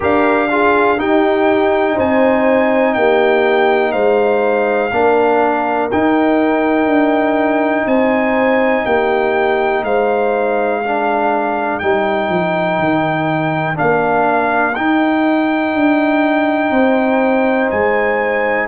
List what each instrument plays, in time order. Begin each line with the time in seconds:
0.00 tuba D4, trombone G4, horn A#4, trumpet F5
0.50 trombone F4, horn G#4
0.97 trombone D#4, tuba D#4, horn G4, trumpet G5
1.95 tuba C4, horn C5, trumpet G#5
2.94 tuba A#3, horn G4, trumpet G5
3.92 tuba G#3, horn C5, trumpet F5
4.91 tuba A#3, trombone D4, horn A#4
5.91 trombone D#4, tuba D#4, trumpet G5
6.86 tuba D4
7.86 tuba C4, horn C5, trumpet G#5
8.85 tuba A#3, horn G4, trumpet G5
9.83 tuba G#3, horn C5, trumpet F5
10.81 trombone D4, horn A#4
11.79 tuba G3, trombone D#4, trumpet G5
12.28 tuba F3
12.78 tuba D#3
13.74 tuba A#3, trombone D4, trumpet F5
14.74 tuba D#4, trombone D#4, trumpet G5
15.74 tuba D4
16.70 tuba C4, horn C5
17.70 tuba G#3, trumpet G#5